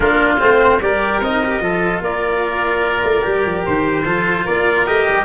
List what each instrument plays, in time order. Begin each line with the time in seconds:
0.00 tuba A#3, cello D4, oboe F4, trumpet A#4
0.38 tuba A3, cello C4, trumpet C5
0.80 tuba G3, cello G4, oboe A#4, trumpet D5
1.20 tuba C4, cello D#4, trumpet D#5
1.43 cello G4
1.59 tuba F3, cello F4, oboe A4
2.01 tuba A#3, oboe A#4, trumpet D5
3.03 tuba A3
3.22 tuba G3, cello G4
3.45 tuba F3
3.65 tuba D#3, trumpet C5
4.05 tuba F3, cello F4, oboe A4
4.45 tuba A#3, oboe A#4, trumpet D5
4.85 tuba A3, cello G4, trumpet D#5
5.08 tuba G3